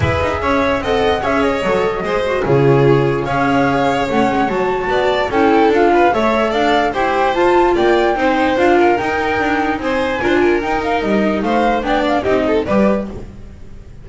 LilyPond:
<<
  \new Staff \with { instrumentName = "flute" } { \time 4/4 \tempo 4 = 147 e''2 fis''4 e''8 dis''8~ | dis''2 cis''2 | f''2 fis''4 a''4~ | a''4 g''4 f''4 e''4 |
f''4 g''4 a''4 g''4~ | g''4 f''4 g''2 | gis''2 g''8 f''8 dis''4 | f''4 g''8 f''8 dis''4 d''4 | }
  \new Staff \with { instrumentName = "violin" } { \time 4/4 b'4 cis''4 dis''4 cis''4~ | cis''4 c''4 gis'2 | cis''1 | d''4 a'4. b'8 cis''4 |
d''4 c''2 d''4 | c''4. ais'2~ ais'8 | c''4 ais'16 c''16 ais'2~ ais'8 | c''4 d''4 g'8 a'8 b'4 | }
  \new Staff \with { instrumentName = "viola" } { \time 4/4 gis'2 a'4 gis'4 | a'4 gis'8 fis'8 f'2 | gis'2 cis'4 fis'4~ | fis'4 e'4 f'4 a'4~ |
a'4 g'4 f'2 | dis'4 f'4 dis'2~ | dis'4 f'4 dis'2~ | dis'4 d'4 dis'4 g'4 | }
  \new Staff \with { instrumentName = "double bass" } { \time 4/4 e'8 dis'8 cis'4 c'4 cis'4 | fis4 gis4 cis2 | cis'2 a8 gis8 fis4 | b4 cis'4 d'4 a4 |
d'4 e'4 f'4 ais4 | c'4 d'4 dis'4 d'4 | c'4 d'4 dis'4 g4 | a4 b4 c'4 g4 | }
>>